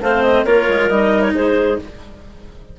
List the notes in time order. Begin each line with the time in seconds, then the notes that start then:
0.00 A3 C4 C5 F5
0.22 D#5
0.44 A#3 F4 A#4 C#5
0.68 G#3
0.88 G3 D#4 D#5
1.21 C#5
1.34 G#3 G#4 C5